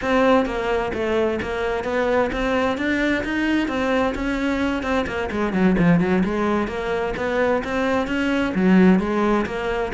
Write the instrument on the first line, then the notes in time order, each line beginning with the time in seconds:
cello
0.01 C4
0.45 A#3
0.93 A3
1.42 A#3
1.84 B3
2.32 C4
2.77 D4
3.24 D#4
3.68 C4
4.15 C#4
4.82 C4
5.06 A#3
5.31 G#3
5.53 F#3
5.78 F3
6.00 F#3
6.24 G#3
6.67 A#3
7.16 B3
7.64 C4
8.07 C#4
8.54 F#3
8.99 G#3
9.46 A#3